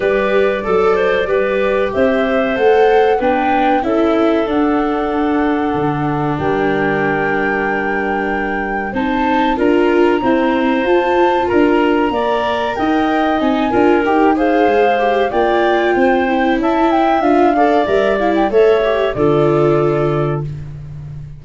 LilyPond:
<<
  \new Staff \with { instrumentName = "flute" } { \time 4/4 \tempo 4 = 94 d''2. e''4 | fis''4 g''4 e''4 fis''4~ | fis''2 g''2~ | g''2 a''4 ais''4~ |
ais''4 a''4 ais''2 | g''4 gis''4 g''8 f''4. | g''2 a''8 g''8 f''4 | e''8 f''16 g''16 e''4 d''2 | }
  \new Staff \with { instrumentName = "clarinet" } { \time 4/4 b'4 a'8 c''8 b'4 c''4~ | c''4 b'4 a'2~ | a'2 ais'2~ | ais'2 c''4 ais'4 |
c''2 ais'4 d''4 | dis''4. ais'4 c''4. | d''4 c''4 e''4. d''8~ | d''4 cis''4 a'2 | }
  \new Staff \with { instrumentName = "viola" } { \time 4/4 g'4 a'4 g'2 | a'4 d'4 e'4 d'4~ | d'1~ | d'2 dis'4 f'4 |
c'4 f'2 ais'4~ | ais'4 dis'8 f'8 g'8 gis'4 g'8 | f'4. e'4. f'8 a'8 | ais'8 e'8 a'8 g'8 f'2 | }
  \new Staff \with { instrumentName = "tuba" } { \time 4/4 g4 fis4 g4 c'4 | a4 b4 cis'4 d'4~ | d'4 d4 g2~ | g2 c'4 d'4 |
e'4 f'4 d'4 ais4 | dis'4 c'8 d'8 dis'4 gis4 | ais4 c'4 cis'4 d'4 | g4 a4 d2 | }
>>